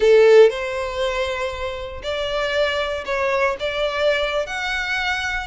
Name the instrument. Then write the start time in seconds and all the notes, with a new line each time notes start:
violin
0.00 A4
0.49 C5
2.02 D5
3.05 C#5
3.59 D5
4.46 F#5